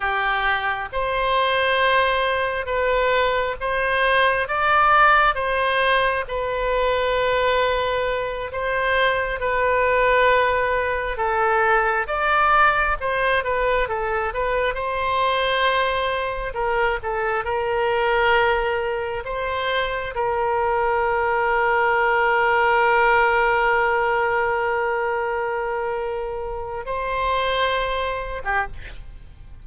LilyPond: \new Staff \with { instrumentName = "oboe" } { \time 4/4 \tempo 4 = 67 g'4 c''2 b'4 | c''4 d''4 c''4 b'4~ | b'4. c''4 b'4.~ | b'8 a'4 d''4 c''8 b'8 a'8 |
b'8 c''2 ais'8 a'8 ais'8~ | ais'4. c''4 ais'4.~ | ais'1~ | ais'2 c''4.~ c''16 g'16 | }